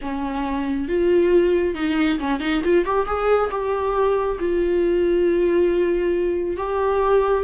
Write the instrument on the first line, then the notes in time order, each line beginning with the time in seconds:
viola
0.01 C#4
0.88 F4
1.75 D#4
2.19 C#4
2.39 D#4
2.64 F4
2.85 G4
3.06 G#4
3.50 G4
4.39 F4
6.56 G4